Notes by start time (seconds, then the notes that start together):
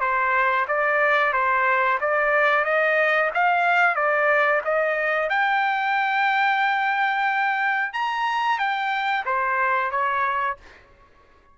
0.00 C5
0.68 D5
1.33 C5
2.00 D5
2.65 D#5
3.34 F5
3.96 D5
4.65 D#5
5.30 G5
7.93 A#5
8.59 G5
9.25 C5
9.91 C#5